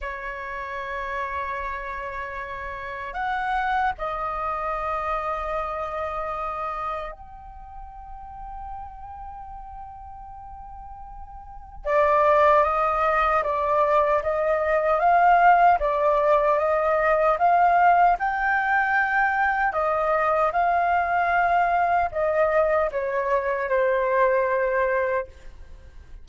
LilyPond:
\new Staff \with { instrumentName = "flute" } { \time 4/4 \tempo 4 = 76 cis''1 | fis''4 dis''2.~ | dis''4 g''2.~ | g''2. d''4 |
dis''4 d''4 dis''4 f''4 | d''4 dis''4 f''4 g''4~ | g''4 dis''4 f''2 | dis''4 cis''4 c''2 | }